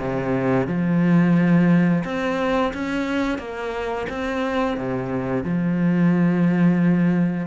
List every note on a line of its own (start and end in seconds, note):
0.00 0.67 C3
0.67 2.04 F3
2.05 2.73 C4
2.74 3.39 C#4
3.39 4.07 A#3
4.09 4.78 C4
4.78 5.44 C3
5.44 7.47 F3